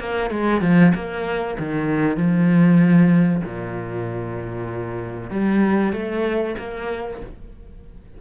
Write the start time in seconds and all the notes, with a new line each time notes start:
0.00 A#3
0.31 G#3
0.62 F3
0.95 A#3
1.59 D#3
2.17 F3
3.45 A#2
5.31 G3
5.93 A3
6.59 A#3